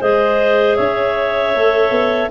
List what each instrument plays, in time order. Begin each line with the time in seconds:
0.00 tuba G#3, clarinet G#4 C5 D#5
0.76 tuba C#4, clarinet C#5 E5
1.54 tuba A3, clarinet A4
1.90 tuba B3